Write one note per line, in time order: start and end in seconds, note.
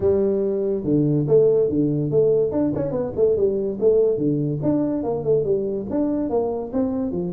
0.00 0.84 G3
0.84 1.26 D3
1.27 1.69 A3
1.69 2.11 D3
2.11 2.51 A3
2.51 2.72 D4
2.75 2.91 C#4
2.91 3.12 B3
3.15 3.36 A3
3.36 3.78 G3
3.80 4.17 A3
4.17 4.59 D3
4.62 5.03 D4
5.03 5.24 A#3
5.24 5.44 A3
5.44 5.86 G3
5.90 6.29 D4
6.29 6.71 A#3
6.72 7.11 C4
7.11 7.32 F3